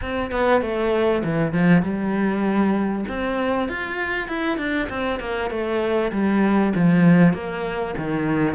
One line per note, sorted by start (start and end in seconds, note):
0.01 0.31 C4
0.31 0.61 B3
0.61 1.22 A3
1.24 1.53 E3
1.53 1.82 F3
1.82 3.04 G3
3.08 3.68 C4
3.68 4.27 F4
4.27 4.58 E4
4.58 4.88 D4
4.89 5.19 C4
5.19 5.50 A#3
5.50 6.11 A3
6.12 6.73 G3
6.75 7.33 F3
7.33 7.94 A#3
7.97 8.55 D#3